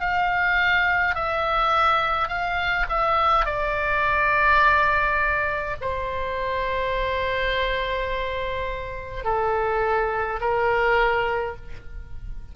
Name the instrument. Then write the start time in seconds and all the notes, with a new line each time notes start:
oboe
0.00 F5
1.15 E5
2.28 F5
2.89 E5
3.46 D5
5.81 C5
9.25 A4
10.41 A#4